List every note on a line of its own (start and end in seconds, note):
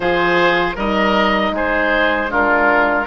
0.00 0.76 F3
0.00 0.75 F4
0.00 0.75 G#4
0.00 0.76 C5
0.75 1.51 G3
0.75 2.28 D#4
0.75 1.52 A#4
0.75 1.55 D#5
1.51 3.05 G#3
1.51 2.30 G#4
1.51 2.32 C5
2.28 3.05 D4
2.28 3.07 F4
2.28 3.07 A#4